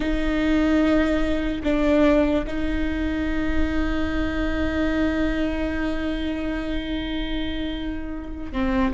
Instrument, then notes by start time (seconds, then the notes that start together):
viola
0.00 D#4
1.63 D4
2.46 D#4
8.52 C4